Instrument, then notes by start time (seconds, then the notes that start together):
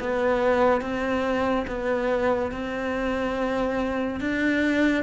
cello
0.00 B3
0.81 C4
1.67 B3
2.52 C4
4.21 D4